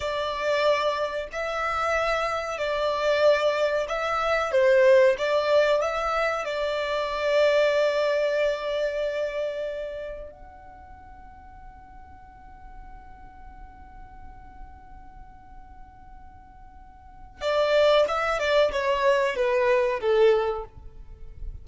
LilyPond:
\new Staff \with { instrumentName = "violin" } { \time 4/4 \tempo 4 = 93 d''2 e''2 | d''2 e''4 c''4 | d''4 e''4 d''2~ | d''1 |
fis''1~ | fis''1~ | fis''2. d''4 | e''8 d''8 cis''4 b'4 a'4 | }